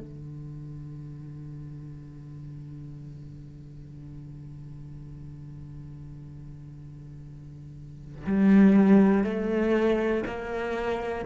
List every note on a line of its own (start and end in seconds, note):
0.00 8.25 D3
8.27 9.24 G3
9.24 10.24 A3
10.26 11.25 A#3